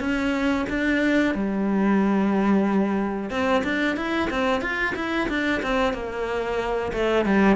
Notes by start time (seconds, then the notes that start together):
0.00 C#4
0.70 D4
1.35 G3
3.30 C4
3.64 D4
3.97 E4
4.30 C4
4.62 F4
4.96 E4
5.29 D4
5.63 C4
5.93 A#3
6.93 A3
7.26 G3